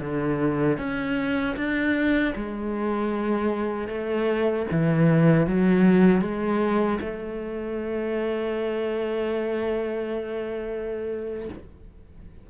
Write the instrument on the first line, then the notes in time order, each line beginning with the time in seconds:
cello
0.00 D3
0.78 C#4
1.56 D4
2.35 G#3
3.88 A3
4.71 E3
5.47 F#3
6.21 G#3
7.01 A3